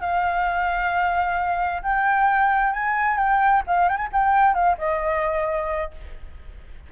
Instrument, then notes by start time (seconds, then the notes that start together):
flute
0.00 F5
1.82 G5
2.73 G#5
3.17 G5
3.67 F5
3.89 G5
3.96 G#5
4.12 G5
4.54 F5
4.77 D#5